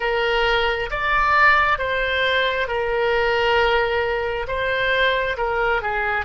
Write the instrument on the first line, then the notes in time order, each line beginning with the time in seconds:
oboe
0.00 A#4
0.90 D5
1.78 C5
2.67 A#4
4.47 C5
5.37 A#4
5.82 G#4